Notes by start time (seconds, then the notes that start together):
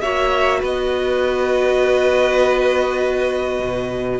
0.00 A#3 F#4 C#5 E5
0.59 B3 B4 D#5
3.59 B2